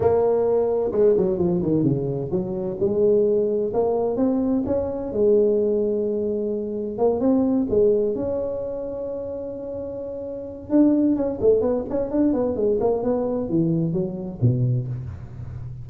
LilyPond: \new Staff \with { instrumentName = "tuba" } { \time 4/4 \tempo 4 = 129 ais2 gis8 fis8 f8 dis8 | cis4 fis4 gis2 | ais4 c'4 cis'4 gis4~ | gis2. ais8 c'8~ |
c'8 gis4 cis'2~ cis'8~ | cis'2. d'4 | cis'8 a8 b8 cis'8 d'8 b8 gis8 ais8 | b4 e4 fis4 b,4 | }